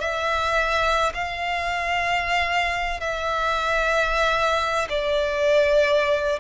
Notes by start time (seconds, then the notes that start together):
0.00 E5
1.14 F5
3.00 E5
4.89 D5